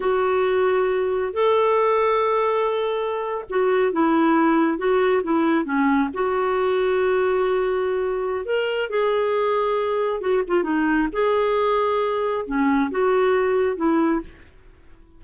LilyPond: \new Staff \with { instrumentName = "clarinet" } { \time 4/4 \tempo 4 = 135 fis'2. a'4~ | a'2.~ a'8. fis'16~ | fis'8. e'2 fis'4 e'16~ | e'8. cis'4 fis'2~ fis'16~ |
fis'2. ais'4 | gis'2. fis'8 f'8 | dis'4 gis'2. | cis'4 fis'2 e'4 | }